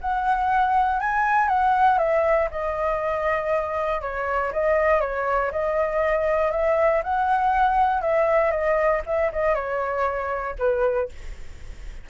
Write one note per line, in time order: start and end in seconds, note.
0.00 1.00 F#5
1.00 1.48 G#5
1.48 1.98 F#5
1.98 2.48 E5
2.50 4.01 D#5
4.01 4.51 C#5
4.52 5.00 D#5
5.00 5.51 C#5
5.51 6.51 D#5
6.51 7.02 E5
7.03 8.01 F#5
8.01 8.51 E5
8.51 9.01 D#5
9.06 9.31 E5
9.32 9.54 D#5
9.54 10.55 C#5
10.58 11.09 B4